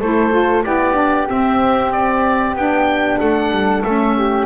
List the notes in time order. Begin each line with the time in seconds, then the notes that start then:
0.00 A3 E4 A4 C5
0.31 F4
0.64 B3 E4 G4 D5
0.93 D4
1.27 C4 E5
1.92 D5
2.54 B3 D4 G5
3.19 A3 A4 F#5
3.51 G3
3.83 A3 C#4 E5
4.16 G4